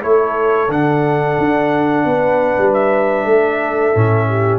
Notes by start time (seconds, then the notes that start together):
0.00 A3 E4 A4 C#5
0.69 D3 D4 F#5
1.38 D4
2.05 B3 B4
2.58 G3
2.73 E5
3.25 A3 A4
3.95 A2 C#4
4.28 G4